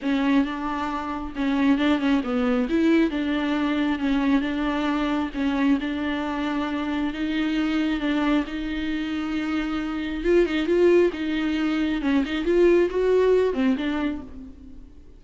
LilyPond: \new Staff \with { instrumentName = "viola" } { \time 4/4 \tempo 4 = 135 cis'4 d'2 cis'4 | d'8 cis'8 b4 e'4 d'4~ | d'4 cis'4 d'2 | cis'4 d'2. |
dis'2 d'4 dis'4~ | dis'2. f'8 dis'8 | f'4 dis'2 cis'8 dis'8 | f'4 fis'4. c'8 d'4 | }